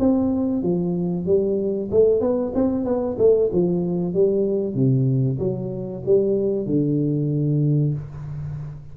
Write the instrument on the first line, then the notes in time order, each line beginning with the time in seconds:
tuba
0.00 C4
0.63 F3
1.26 G3
1.91 A3
2.21 B3
2.55 C4
2.85 B3
3.19 A3
3.53 F3
4.14 G3
4.75 C3
5.40 F#3
6.06 G3
6.67 D3